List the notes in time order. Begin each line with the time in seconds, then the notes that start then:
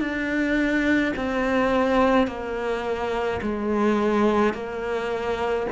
0.00 D4
1.16 C4
2.27 A#3
3.42 G#3
4.53 A#3